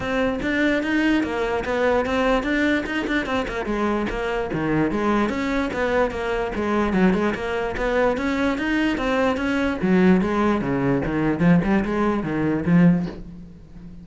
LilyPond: \new Staff \with { instrumentName = "cello" } { \time 4/4 \tempo 4 = 147 c'4 d'4 dis'4 ais4 | b4 c'4 d'4 dis'8 d'8 | c'8 ais8 gis4 ais4 dis4 | gis4 cis'4 b4 ais4 |
gis4 fis8 gis8 ais4 b4 | cis'4 dis'4 c'4 cis'4 | fis4 gis4 cis4 dis4 | f8 g8 gis4 dis4 f4 | }